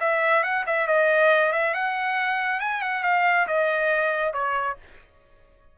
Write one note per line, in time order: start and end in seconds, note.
0.00 0.43 E5
0.43 0.65 F#5
0.66 0.87 E5
0.87 1.52 D#5
1.52 1.74 E5
1.74 2.60 F#5
2.60 2.81 G#5
2.81 3.03 F#5
3.03 3.47 F5
3.47 4.33 D#5
4.33 4.76 C#5